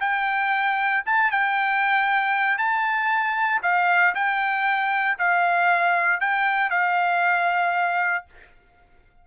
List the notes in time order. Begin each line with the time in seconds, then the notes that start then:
0.00 G5
1.06 A5
1.31 G5
2.58 A5
3.63 F5
4.15 G5
5.18 F5
6.20 G5
6.70 F5